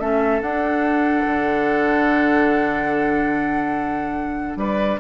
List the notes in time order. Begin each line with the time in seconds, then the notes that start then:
0.00 A3 C#4 A4 E5
0.42 D4 F#5
1.27 D3
4.56 G3 B4 D5